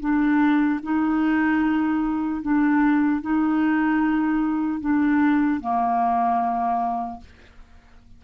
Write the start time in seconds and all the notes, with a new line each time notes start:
0.00 D4
0.83 D#4
2.42 D4
3.22 D#4
4.80 D4
5.60 A#3